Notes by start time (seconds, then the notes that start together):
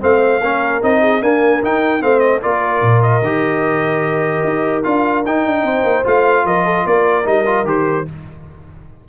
0.00 A3 C4 C5 F5
0.41 A#3 C#4 A#4
0.82 C4 D#4 D#5
1.01 G#4
1.21 A#3 D4 A#4 G#5
1.62 D#4 G5
2.00 A3 C4 C5 F5
2.19 D#5
2.41 A#3 F4 A#4 D5
2.81 A#2
3.02 D#5
3.21 D#3 G4
4.44 D#4
4.83 D4 F4 F5
5.26 D#4 G5
5.45 D4
5.63 C4 C5
5.83 A#3
6.04 A3 F4 F5
6.44 F3 A#4 D#5
6.65 A4
6.86 A#3 A#4 D5
7.24 G3 D#4 D#5
7.45 F4
7.64 D#3 G4 C5